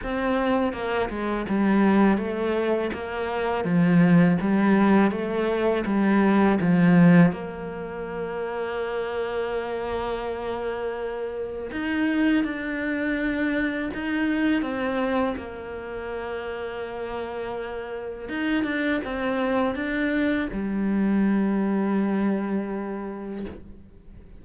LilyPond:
\new Staff \with { instrumentName = "cello" } { \time 4/4 \tempo 4 = 82 c'4 ais8 gis8 g4 a4 | ais4 f4 g4 a4 | g4 f4 ais2~ | ais1 |
dis'4 d'2 dis'4 | c'4 ais2.~ | ais4 dis'8 d'8 c'4 d'4 | g1 | }